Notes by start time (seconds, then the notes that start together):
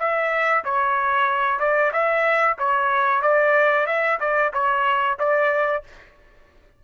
0.00 E5
0.65 C#5
1.60 D5
1.93 E5
2.59 C#5
3.22 D5
3.87 E5
4.21 D5
4.54 C#5
5.19 D5